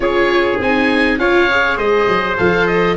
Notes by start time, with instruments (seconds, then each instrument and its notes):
0.00 tuba C#4, viola F4, trumpet G#4, oboe C#5
0.58 tuba C4, viola D#4, oboe G#5
1.17 tuba C#4, viola F4, trumpet C#5, oboe F5
1.50 viola G#4
1.77 tuba G#3, trumpet C5, oboe D#5
2.07 tuba F#3
2.37 tuba F3, viola A4, oboe F5
2.66 oboe D#5